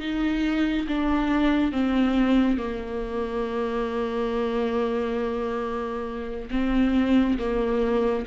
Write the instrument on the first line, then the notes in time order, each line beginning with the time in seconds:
viola
0.00 D#4
0.88 D4
1.72 C4
2.58 A#3
6.51 C4
7.38 A#3